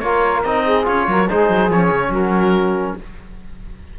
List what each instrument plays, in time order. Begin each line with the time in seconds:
0.00 cello A#3, trombone F4, saxophone A#4, oboe C#5
0.44 cello C4, trombone D#4, oboe D#5
0.64 saxophone G#4
0.85 cello C#4, trombone F4, oboe C#5
1.08 cello F#3, saxophone A#4
1.30 cello G#3, trombone D#4, saxophone G#4, oboe C5
1.50 cello F#3
1.70 cello F3, trombone C#4, oboe C#5
1.91 cello C#3
2.10 cello F#3, saxophone F#4, oboe A#4